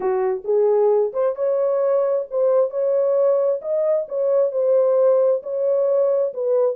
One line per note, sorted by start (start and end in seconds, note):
0.00 0.43 F#4
0.44 1.12 G#4
1.13 1.35 C5
1.35 2.25 C#5
2.30 2.70 C5
2.70 3.60 C#5
3.61 4.06 D#5
4.08 4.51 C#5
4.51 5.42 C5
5.43 6.33 C#5
6.33 6.75 B4